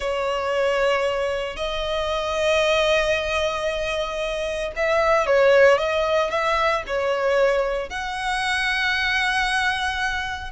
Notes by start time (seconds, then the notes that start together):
0.00 C#5
1.56 D#5
4.76 E5
5.26 C#5
5.78 D#5
6.30 E5
6.86 C#5
7.89 F#5